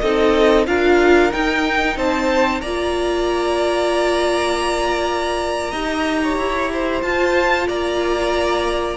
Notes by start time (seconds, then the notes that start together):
0.00 C4 D#4 A4 D#5
0.67 D4 F4 A#4 F5
1.32 D#4 G5
1.96 C4 C5 A5
2.61 A#3 F4 D5 A#5
5.71 D#4 G4 D#5
6.23 C#5
6.37 E4
6.73 C5
7.01 F4 A5
7.68 A#3 D5 A#5